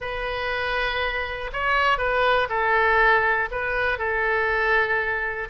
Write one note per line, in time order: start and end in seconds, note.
0.00 1.50 B4
1.52 1.97 C#5
1.97 2.48 B4
2.49 3.49 A4
3.51 3.98 B4
3.98 5.48 A4